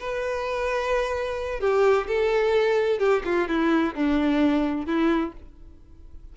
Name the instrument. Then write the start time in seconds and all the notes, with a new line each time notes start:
violin
0.00 B4
1.61 G4
2.08 A4
2.99 G4
3.25 F4
3.48 E4
3.95 D4
4.86 E4